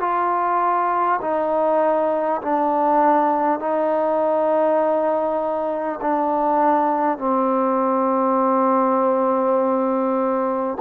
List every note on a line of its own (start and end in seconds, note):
0.00 1.20 F4
1.21 2.41 D#4
2.42 3.59 D4
3.59 5.99 D#4
6.01 7.18 D4
7.18 10.78 C4